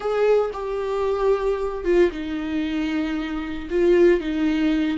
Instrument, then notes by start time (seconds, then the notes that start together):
viola
0.00 G#4
0.53 G4
1.84 F4
2.11 D#4
3.70 F4
4.20 D#4